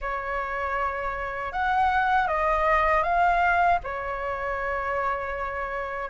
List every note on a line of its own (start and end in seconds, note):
0.01 1.52 C#5
1.52 2.27 F#5
2.27 3.03 D#5
3.03 3.79 F5
3.83 6.09 C#5